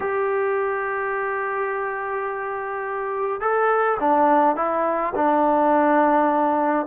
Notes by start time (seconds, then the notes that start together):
0.00 G4
3.40 A4
3.99 D4
4.56 E4
5.15 D4